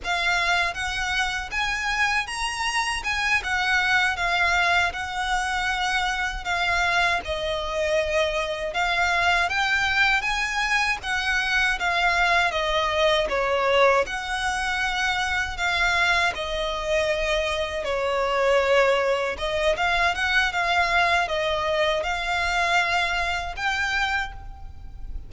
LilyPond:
\new Staff \with { instrumentName = "violin" } { \time 4/4 \tempo 4 = 79 f''4 fis''4 gis''4 ais''4 | gis''8 fis''4 f''4 fis''4.~ | fis''8 f''4 dis''2 f''8~ | f''8 g''4 gis''4 fis''4 f''8~ |
f''8 dis''4 cis''4 fis''4.~ | fis''8 f''4 dis''2 cis''8~ | cis''4. dis''8 f''8 fis''8 f''4 | dis''4 f''2 g''4 | }